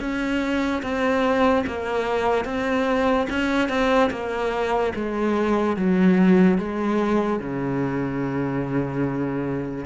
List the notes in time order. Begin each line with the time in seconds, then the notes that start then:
0.00 C#4
0.82 C4
1.67 A#3
2.45 C4
3.30 C#4
3.69 C4
4.11 A#3
4.95 G#3
5.76 F#3
6.58 G#3
7.40 C#3